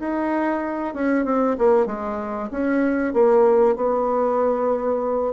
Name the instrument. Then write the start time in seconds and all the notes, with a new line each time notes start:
bassoon
0.00 D#4
0.95 C#4
1.25 C4
1.58 A#3
1.87 G#3
2.51 C#4
3.14 A#3
3.76 B3